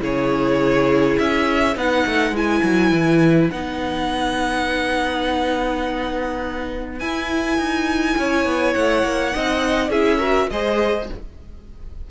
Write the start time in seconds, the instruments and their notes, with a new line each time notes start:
0.00 cello C#3, viola E4, violin G#4 C#5
1.19 cello C#4, violin E5
1.74 cello B3, viola D#4, violin B4 F#5
2.07 cello A3
2.31 cello G#3, viola E4, violin G#5
2.64 cello F#3
2.92 cello E3
3.51 cello B3, viola D#4, violin F#5
7.00 cello E4, viola E4, violin G#5
7.58 cello D#4
8.18 cello C#4, violin C#5
8.46 cello B3
8.74 cello A3, violin F#5
9.04 cello A#3
9.34 cello C4, viola D#4, violin D#5
9.90 cello C#4, viola E4, violin G#4 E5
10.19 viola F#4, violin A#4
10.51 cello G#3, viola G#4, violin C5 D#5